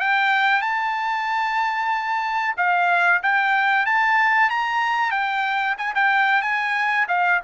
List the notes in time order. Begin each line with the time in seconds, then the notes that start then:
0.00 G5
0.62 A5
2.57 F5
3.23 G5
3.86 A5
4.50 A#5
5.11 G5
5.78 G#5
5.95 G5
6.42 G#5
7.08 F5